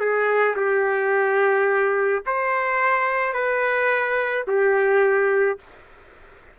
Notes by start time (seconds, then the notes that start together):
0.00 G#4
0.57 G4
2.26 C5
3.33 B4
4.47 G4